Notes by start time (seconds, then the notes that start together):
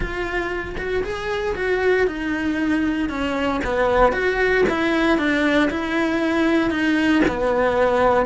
0.00 F4
0.77 F#4
1.03 G#4
1.55 F#4
2.07 D#4
3.09 C#4
3.64 B3
4.12 F#4
4.69 E4
5.17 D4
5.70 E4
6.70 D#4
7.28 B3